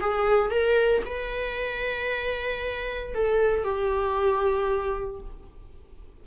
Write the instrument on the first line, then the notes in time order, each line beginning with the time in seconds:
viola
0.00 G#4
0.50 A#4
1.06 B4
3.14 A4
3.64 G4